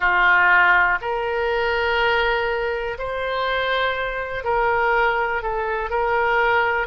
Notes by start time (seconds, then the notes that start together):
0.00 F4
1.01 A#4
2.98 C5
4.44 A#4
5.42 A4
5.90 A#4